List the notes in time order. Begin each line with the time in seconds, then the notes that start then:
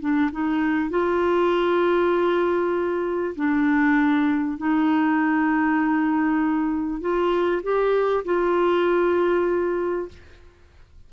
0.00 D4
0.32 D#4
0.90 F4
3.36 D4
4.58 D#4
7.01 F4
7.63 G4
8.25 F4